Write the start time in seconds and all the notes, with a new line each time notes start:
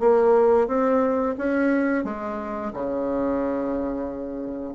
0.00 A#3
0.68 C4
1.38 C#4
2.04 G#3
2.73 C#3